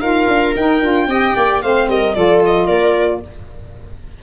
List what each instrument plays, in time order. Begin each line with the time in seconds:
0.00 tuba D#4, saxophone F4, viola A#4, violin F5
0.28 tuba D4
0.56 tuba D#4, saxophone D#4, violin G5
0.81 tuba D4, saxophone F4
1.07 tuba C4, saxophone G4, viola D#5
1.35 tuba A#3, viola D5
1.61 tuba A3, saxophone C4, viola C5, violin F5
1.88 tuba G3, viola A#4, violin D#5
2.14 tuba F3, saxophone F4, viola A4, violin D5
2.45 violin D#5
2.66 tuba A#3, viola A#4, violin D5